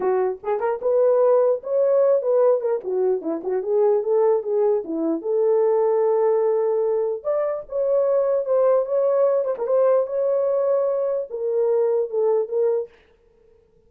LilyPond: \new Staff \with { instrumentName = "horn" } { \time 4/4 \tempo 4 = 149 fis'4 gis'8 ais'8 b'2 | cis''4. b'4 ais'8 fis'4 | e'8 fis'8 gis'4 a'4 gis'4 | e'4 a'2.~ |
a'2 d''4 cis''4~ | cis''4 c''4 cis''4. c''16 ais'16 | c''4 cis''2. | ais'2 a'4 ais'4 | }